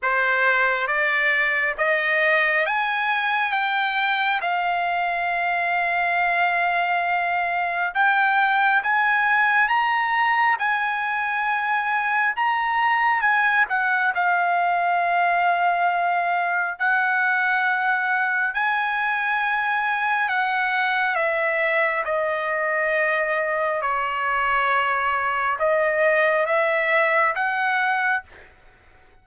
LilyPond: \new Staff \with { instrumentName = "trumpet" } { \time 4/4 \tempo 4 = 68 c''4 d''4 dis''4 gis''4 | g''4 f''2.~ | f''4 g''4 gis''4 ais''4 | gis''2 ais''4 gis''8 fis''8 |
f''2. fis''4~ | fis''4 gis''2 fis''4 | e''4 dis''2 cis''4~ | cis''4 dis''4 e''4 fis''4 | }